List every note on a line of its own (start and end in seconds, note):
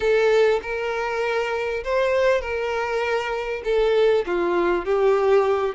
0.00 0.60 A4
0.62 1.83 A#4
1.83 2.41 C5
2.41 3.62 A#4
3.64 4.25 A4
4.26 4.85 F4
4.85 5.75 G4